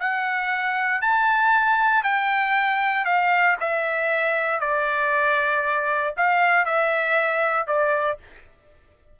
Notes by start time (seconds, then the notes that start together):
0.00 F#5
1.01 A5
2.03 G5
3.05 F5
3.60 E5
4.61 D5
6.17 F5
6.65 E5
7.67 D5